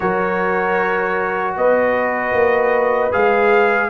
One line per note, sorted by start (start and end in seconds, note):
0.00 1.56 F#3
0.00 3.11 F#4
0.00 1.56 A#4
0.00 1.55 C#5
1.56 2.32 B3
1.56 3.89 B4
1.56 3.12 D#5
2.32 3.10 A#3
3.11 3.89 G#3
3.11 3.89 G#4
3.11 3.89 F5